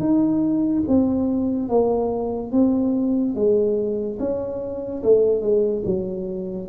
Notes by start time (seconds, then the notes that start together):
0.00 D#4
0.88 C4
1.69 A#3
2.52 C4
3.35 G#3
4.19 C#4
5.03 A3
5.42 G#3
5.86 F#3